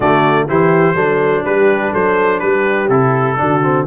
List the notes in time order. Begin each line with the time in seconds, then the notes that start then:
0.00 D3 A3 F#4 D5
0.48 E3 E4 G4 C5
0.94 F#3 D4 A4
1.44 G3 G4 B4
1.91 F#3 A4 C5
2.39 G3 G4 B4
2.88 C3 E4 A4
3.36 D3 D4 F#4
3.63 C4